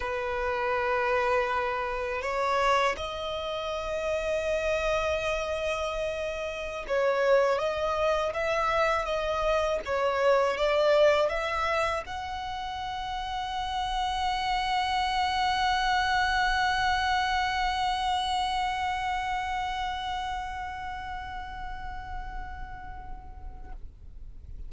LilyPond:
\new Staff \with { instrumentName = "violin" } { \time 4/4 \tempo 4 = 81 b'2. cis''4 | dis''1~ | dis''4~ dis''16 cis''4 dis''4 e''8.~ | e''16 dis''4 cis''4 d''4 e''8.~ |
e''16 fis''2.~ fis''8.~ | fis''1~ | fis''1~ | fis''1 | }